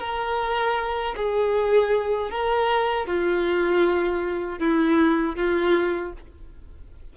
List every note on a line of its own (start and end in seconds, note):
0.00 1.15 A#4
1.16 2.31 G#4
2.31 3.07 A#4
3.07 4.59 F4
4.59 5.36 E4
5.36 6.13 F4